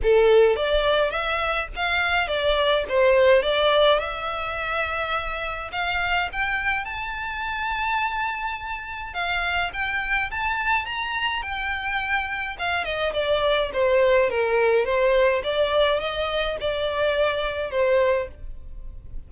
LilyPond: \new Staff \with { instrumentName = "violin" } { \time 4/4 \tempo 4 = 105 a'4 d''4 e''4 f''4 | d''4 c''4 d''4 e''4~ | e''2 f''4 g''4 | a''1 |
f''4 g''4 a''4 ais''4 | g''2 f''8 dis''8 d''4 | c''4 ais'4 c''4 d''4 | dis''4 d''2 c''4 | }